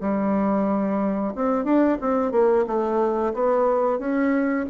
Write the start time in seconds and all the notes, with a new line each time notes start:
0.00 G3
1.35 C4
1.64 D4
2.01 C4
2.31 A#3
2.66 A3
3.33 B3
3.98 C#4